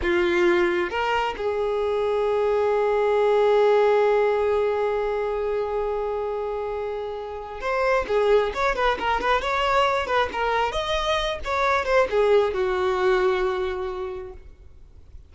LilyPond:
\new Staff \with { instrumentName = "violin" } { \time 4/4 \tempo 4 = 134 f'2 ais'4 gis'4~ | gis'1~ | gis'1~ | gis'1~ |
gis'4 c''4 gis'4 cis''8 b'8 | ais'8 b'8 cis''4. b'8 ais'4 | dis''4. cis''4 c''8 gis'4 | fis'1 | }